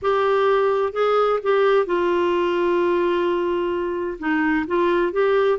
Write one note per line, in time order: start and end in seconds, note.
0.02 0.93 G4
0.93 1.39 G#4
1.42 1.86 G4
1.86 4.18 F4
4.19 4.66 D#4
4.67 5.12 F4
5.12 5.58 G4